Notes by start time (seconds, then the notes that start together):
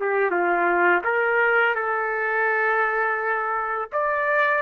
0.00 G4
0.31 F4
1.04 A#4
1.75 A4
3.93 D5